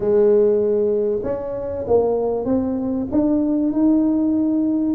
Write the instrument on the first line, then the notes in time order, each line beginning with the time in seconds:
tuba
0.00 G#3
1.23 C#4
1.87 A#3
2.45 C4
3.11 D4
3.72 D#4